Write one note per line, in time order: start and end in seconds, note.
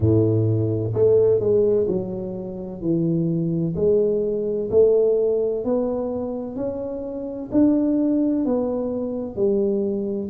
0.00 0.93 A2
0.93 1.40 A3
1.40 1.87 G#3
1.87 2.81 F#3
2.81 3.75 E3
3.75 4.69 G#3
4.70 5.64 A3
5.64 6.55 B3
6.55 7.49 C#4
7.51 8.45 D4
8.45 9.35 B3
9.35 10.29 G3